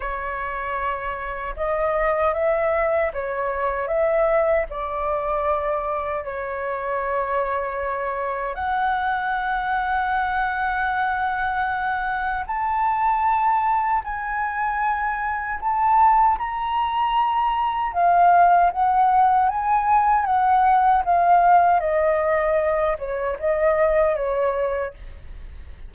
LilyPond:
\new Staff \with { instrumentName = "flute" } { \time 4/4 \tempo 4 = 77 cis''2 dis''4 e''4 | cis''4 e''4 d''2 | cis''2. fis''4~ | fis''1 |
a''2 gis''2 | a''4 ais''2 f''4 | fis''4 gis''4 fis''4 f''4 | dis''4. cis''8 dis''4 cis''4 | }